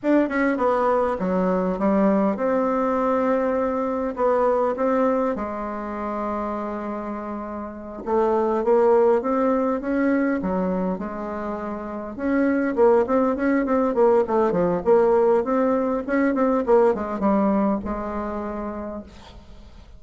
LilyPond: \new Staff \with { instrumentName = "bassoon" } { \time 4/4 \tempo 4 = 101 d'8 cis'8 b4 fis4 g4 | c'2. b4 | c'4 gis2.~ | gis4. a4 ais4 c'8~ |
c'8 cis'4 fis4 gis4.~ | gis8 cis'4 ais8 c'8 cis'8 c'8 ais8 | a8 f8 ais4 c'4 cis'8 c'8 | ais8 gis8 g4 gis2 | }